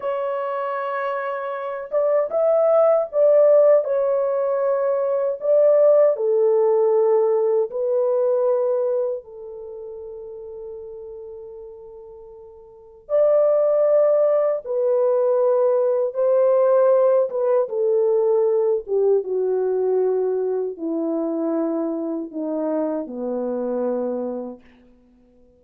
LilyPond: \new Staff \with { instrumentName = "horn" } { \time 4/4 \tempo 4 = 78 cis''2~ cis''8 d''8 e''4 | d''4 cis''2 d''4 | a'2 b'2 | a'1~ |
a'4 d''2 b'4~ | b'4 c''4. b'8 a'4~ | a'8 g'8 fis'2 e'4~ | e'4 dis'4 b2 | }